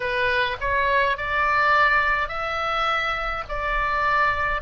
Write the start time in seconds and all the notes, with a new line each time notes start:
0.00 B4
0.60 C#5
1.17 D5
2.28 E5
3.48 D5